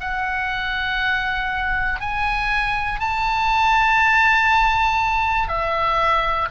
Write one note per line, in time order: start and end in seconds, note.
0.00 2.00 F#5
2.00 3.00 G#5
3.00 5.48 A5
5.48 6.48 E5